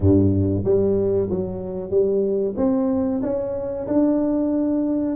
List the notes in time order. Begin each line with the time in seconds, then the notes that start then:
0.00 G2
0.64 G3
1.29 F#3
1.90 G3
2.57 C4
3.22 C#4
3.87 D4